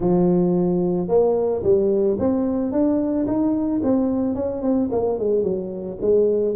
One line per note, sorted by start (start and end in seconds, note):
0.00 1.08 F3
1.08 1.62 A#3
1.63 2.17 G3
2.19 2.71 C4
2.71 3.26 D4
3.26 3.81 D#4
3.83 4.34 C4
4.34 4.62 C#4
4.62 4.89 C4
4.91 5.18 A#3
5.18 5.43 G#3
5.43 5.98 F#3
6.01 6.55 G#3